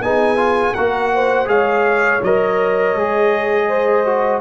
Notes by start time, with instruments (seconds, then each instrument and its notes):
0.00 tuba B3, trombone D#4, horn G#4, trumpet G#5
0.36 trombone F4
0.74 tuba A#3, trombone F#4, horn A#4, trumpet F#5
1.14 horn C5
1.46 tuba G#3, trombone G#4, horn C#5, trumpet F5
2.22 tuba F#3, trombone A#4, trumpet D#5
2.94 tuba G#3, trombone G#4
3.68 horn C5
4.05 trombone F#4